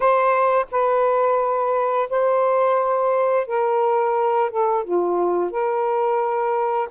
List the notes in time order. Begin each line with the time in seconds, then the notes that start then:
0.00 C5
0.71 B4
2.09 C5
3.46 A#4
4.50 A4
4.83 F4
5.50 A#4